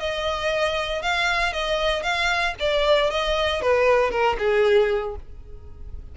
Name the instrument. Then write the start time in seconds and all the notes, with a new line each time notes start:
violin
0.00 D#5
1.02 F5
1.53 D#5
2.03 F5
2.60 D5
3.11 D#5
3.62 B4
4.11 A#4
4.38 G#4